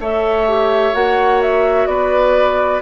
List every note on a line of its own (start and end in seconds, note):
0.00 0.94 A3
0.00 0.48 A4
0.00 1.88 C#5
0.00 0.95 E5
0.48 0.94 G4
0.94 1.87 A#3
0.94 2.81 F#4
0.94 1.42 F#5
1.42 1.87 E5
1.87 2.81 B3
1.87 2.82 B4
1.87 2.81 D5